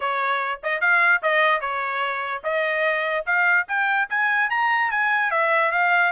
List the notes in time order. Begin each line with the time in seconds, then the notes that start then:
0.00 C#5
0.63 D#5
0.81 F5
1.22 D#5
1.60 C#5
2.43 D#5
3.26 F5
3.68 G5
4.09 G#5
4.50 A#5
4.90 G#5
5.30 E5
5.71 F5